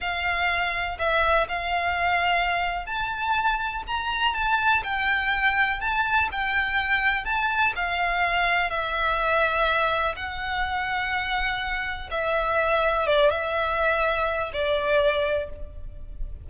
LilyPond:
\new Staff \with { instrumentName = "violin" } { \time 4/4 \tempo 4 = 124 f''2 e''4 f''4~ | f''2 a''2 | ais''4 a''4 g''2 | a''4 g''2 a''4 |
f''2 e''2~ | e''4 fis''2.~ | fis''4 e''2 d''8 e''8~ | e''2 d''2 | }